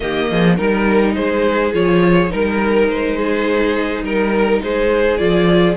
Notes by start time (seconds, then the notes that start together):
0.00 D#3 A#3 G4 D#5
0.30 F3 G#4
0.56 G3 D#4 A#4
1.15 G#3 G#4 C5
1.73 F3 F4 C#5
2.29 G3 D#4 A#4
2.88 G#3 C5
3.17 G#4
4.02 G3 A#4
4.62 G#3 G#4 C5
5.17 F3 F4 D5